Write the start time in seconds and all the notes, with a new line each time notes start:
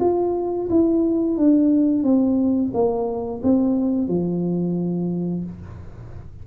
0.00 F4
0.70 E4
1.37 D4
2.03 C4
2.73 A#3
3.43 C4
4.08 F3